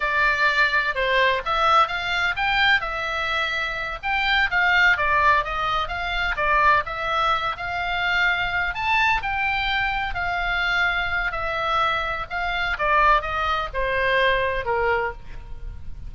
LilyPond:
\new Staff \with { instrumentName = "oboe" } { \time 4/4 \tempo 4 = 127 d''2 c''4 e''4 | f''4 g''4 e''2~ | e''8 g''4 f''4 d''4 dis''8~ | dis''8 f''4 d''4 e''4. |
f''2~ f''8 a''4 g''8~ | g''4. f''2~ f''8 | e''2 f''4 d''4 | dis''4 c''2 ais'4 | }